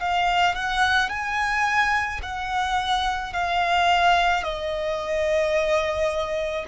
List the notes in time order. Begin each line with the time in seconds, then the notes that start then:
0.00 F5
0.55 F#5
1.10 G#5
2.22 F#5
3.33 F5
4.43 D#5